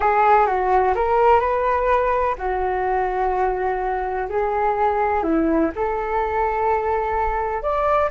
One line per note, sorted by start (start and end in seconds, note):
0.00 0.46 G#4
0.46 0.94 F#4
0.95 1.39 A#4
1.39 2.35 B4
2.37 4.28 F#4
4.29 5.23 G#4
5.23 5.70 E4
5.75 7.62 A4
7.62 8.10 D5